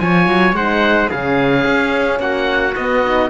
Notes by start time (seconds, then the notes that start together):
0.00 F3 F4 C#5 G#5
0.28 F#3
0.53 G#3 C5 F#5
0.59 D#4
1.10 C#3 C#4 G#4 F5
1.66 C#4
2.20 A#3 F#4 F#5
2.76 B3 D#5
3.05 D#4